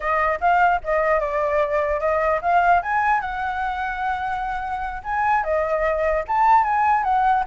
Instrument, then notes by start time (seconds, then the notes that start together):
flute
0.00 D#5
0.40 F5
0.84 D#5
1.20 D5
2.00 D#5
2.41 F5
2.82 G#5
3.20 F#5
5.03 G#5
5.43 D#5
6.27 A5
6.63 G#5
7.03 F#5